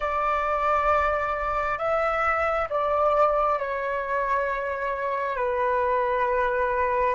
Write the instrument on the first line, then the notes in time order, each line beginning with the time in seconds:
flute
0.00 D5
1.78 E5
2.69 D5
3.59 C#5
5.36 B4